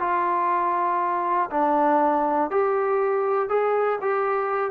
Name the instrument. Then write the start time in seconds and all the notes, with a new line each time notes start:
trombone
0.00 F4
1.51 D4
2.51 G4
3.49 G#4
4.01 G4